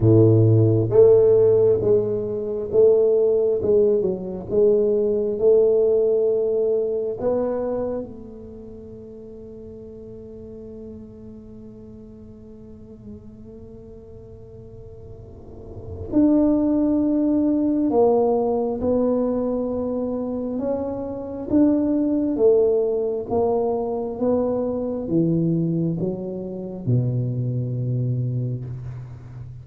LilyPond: \new Staff \with { instrumentName = "tuba" } { \time 4/4 \tempo 4 = 67 a,4 a4 gis4 a4 | gis8 fis8 gis4 a2 | b4 a2.~ | a1~ |
a2 d'2 | ais4 b2 cis'4 | d'4 a4 ais4 b4 | e4 fis4 b,2 | }